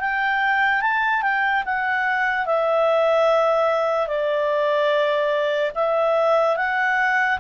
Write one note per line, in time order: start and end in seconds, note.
0.00 0.81 G5
0.81 1.22 A5
1.22 1.63 G5
1.66 2.46 F#5
2.46 4.07 E5
4.07 5.72 D5
5.75 6.56 E5
6.56 7.39 F#5